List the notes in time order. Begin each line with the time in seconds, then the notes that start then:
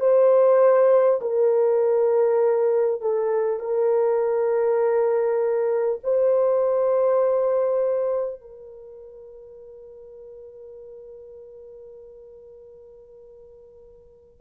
0.00 C5
1.21 A#4
3.01 A4
3.60 A#4
6.04 C5
8.41 A#4